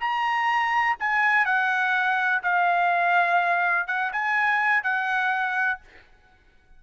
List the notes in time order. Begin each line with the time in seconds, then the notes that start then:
0.00 A#5
1.00 G#5
1.45 F#5
2.43 F5
3.87 F#5
4.13 G#5
4.83 F#5